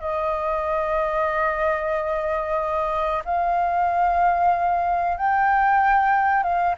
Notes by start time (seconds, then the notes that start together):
0.00 D#5
3.25 F5
5.17 G5
6.43 F5